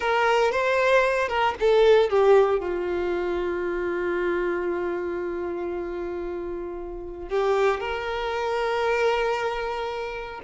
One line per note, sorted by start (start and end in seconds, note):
0.00 0.51 A#4
0.51 1.28 C5
1.28 1.54 A#4
1.60 2.09 A4
2.09 2.59 G4
2.59 7.29 F4
7.29 7.80 G4
7.80 10.40 A#4